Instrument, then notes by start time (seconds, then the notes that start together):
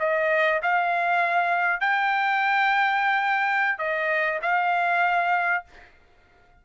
trumpet
0.00 D#5
0.63 F5
1.81 G5
3.79 D#5
4.42 F5